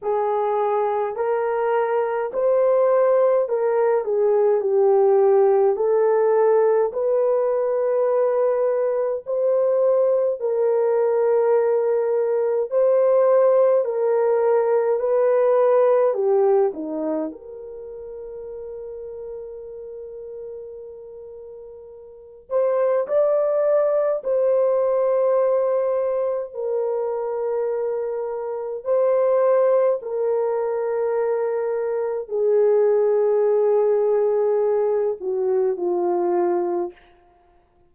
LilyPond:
\new Staff \with { instrumentName = "horn" } { \time 4/4 \tempo 4 = 52 gis'4 ais'4 c''4 ais'8 gis'8 | g'4 a'4 b'2 | c''4 ais'2 c''4 | ais'4 b'4 g'8 dis'8 ais'4~ |
ais'2.~ ais'8 c''8 | d''4 c''2 ais'4~ | ais'4 c''4 ais'2 | gis'2~ gis'8 fis'8 f'4 | }